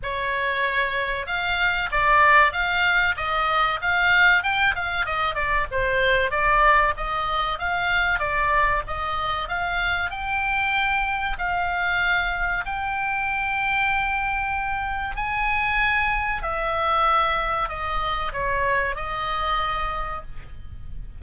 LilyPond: \new Staff \with { instrumentName = "oboe" } { \time 4/4 \tempo 4 = 95 cis''2 f''4 d''4 | f''4 dis''4 f''4 g''8 f''8 | dis''8 d''8 c''4 d''4 dis''4 | f''4 d''4 dis''4 f''4 |
g''2 f''2 | g''1 | gis''2 e''2 | dis''4 cis''4 dis''2 | }